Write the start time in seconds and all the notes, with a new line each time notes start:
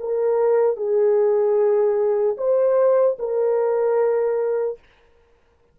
0.00 A#4
0.77 G#4
2.37 C5
3.19 A#4